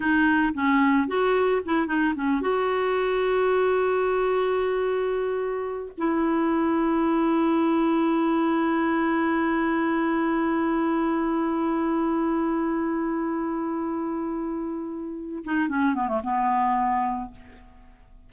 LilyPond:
\new Staff \with { instrumentName = "clarinet" } { \time 4/4 \tempo 4 = 111 dis'4 cis'4 fis'4 e'8 dis'8 | cis'8 fis'2.~ fis'8~ | fis'2. e'4~ | e'1~ |
e'1~ | e'1~ | e'1~ | e'8 dis'8 cis'8 b16 a16 b2 | }